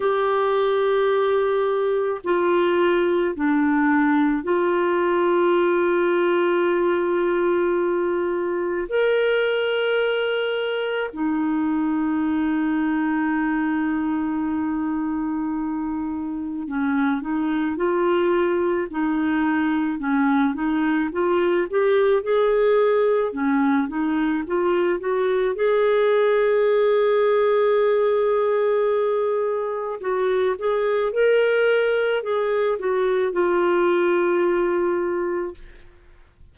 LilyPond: \new Staff \with { instrumentName = "clarinet" } { \time 4/4 \tempo 4 = 54 g'2 f'4 d'4 | f'1 | ais'2 dis'2~ | dis'2. cis'8 dis'8 |
f'4 dis'4 cis'8 dis'8 f'8 g'8 | gis'4 cis'8 dis'8 f'8 fis'8 gis'4~ | gis'2. fis'8 gis'8 | ais'4 gis'8 fis'8 f'2 | }